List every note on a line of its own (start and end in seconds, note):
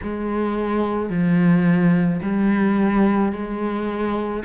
0.02 1.09 G#3
1.09 2.20 F3
2.22 3.32 G3
3.32 4.43 G#3